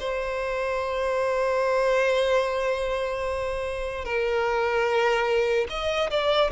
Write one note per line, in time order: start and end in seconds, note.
0.00 4.05 C5
4.05 5.68 A#4
5.70 6.10 D#5
6.11 6.51 D5